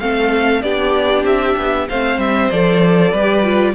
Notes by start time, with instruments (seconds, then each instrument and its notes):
0.00 cello A3, viola C4, violin A4 F5
0.62 cello B3, viola D4, violin G4 D5
1.24 cello C4, violin E5
1.57 cello B3
1.88 cello A3, viola C4, violin C5 F5
2.18 cello G3, violin E5
2.51 cello F3, viola A4, violin D5
3.11 cello G3, viola G4, violin B4
3.44 viola F4